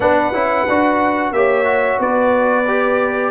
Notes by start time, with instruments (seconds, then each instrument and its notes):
0.00 tuba B3, trombone D4, horn B4, trumpet F#5
0.32 tuba C#4, trombone E4
0.68 tuba D4, trombone F#4
1.31 tuba A#3, trombone G4, horn C#5, trumpet E5
1.64 trombone F#4
1.99 tuba B3, horn B4, trumpet D5
2.67 trombone G4